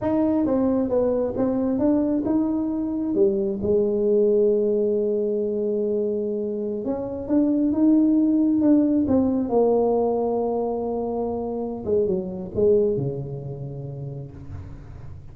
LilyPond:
\new Staff \with { instrumentName = "tuba" } { \time 4/4 \tempo 4 = 134 dis'4 c'4 b4 c'4 | d'4 dis'2 g4 | gis1~ | gis2.~ gis16 cis'8.~ |
cis'16 d'4 dis'2 d'8.~ | d'16 c'4 ais2~ ais8.~ | ais2~ ais8 gis8 fis4 | gis4 cis2. | }